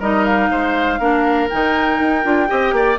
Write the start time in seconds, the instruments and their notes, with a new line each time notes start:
0.00 bassoon G3, clarinet D#4, oboe A#4, flute D#5
0.25 flute F5
0.51 bassoon G#3, oboe C5
0.99 bassoon A#3, clarinet D4, oboe A#4
1.50 bassoon D#3, clarinet D#4, flute G5
2.00 bassoon D#4
2.24 bassoon D4, clarinet F4
2.48 bassoon C4, clarinet G4, oboe D#5
2.72 bassoon A#3, oboe D5